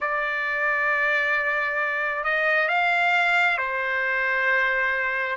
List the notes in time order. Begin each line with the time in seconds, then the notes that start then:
0.00 D5
2.24 D#5
2.68 F5
3.57 C5